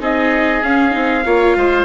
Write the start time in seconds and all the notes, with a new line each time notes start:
0.00 C4 D#4 G#4 D#5
0.63 C#4 F5
0.91 C4 D#4
1.26 A#3 F4 C#5
1.57 G#3 C5